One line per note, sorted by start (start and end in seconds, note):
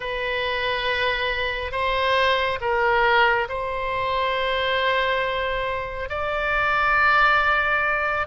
0.00 1.72 B4
1.72 2.58 C5
2.60 3.47 A#4
3.48 6.09 C5
6.09 8.26 D5